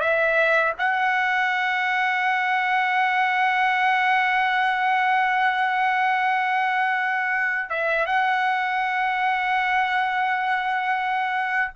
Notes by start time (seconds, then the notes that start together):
0.00 E5
0.78 F#5
7.69 E5
8.06 F#5